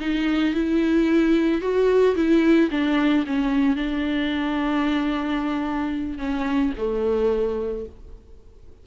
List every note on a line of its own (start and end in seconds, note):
0.00 0.54 D#4
0.54 1.61 E4
1.61 2.15 F#4
2.16 2.70 E4
2.71 3.25 D4
3.27 3.76 C#4
3.76 6.18 D4
6.18 6.72 C#4
6.78 7.86 A3